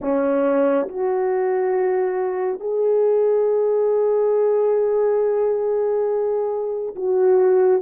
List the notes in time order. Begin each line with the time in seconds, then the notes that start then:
0.01 C#4
0.88 F#4
2.59 G#4
6.95 F#4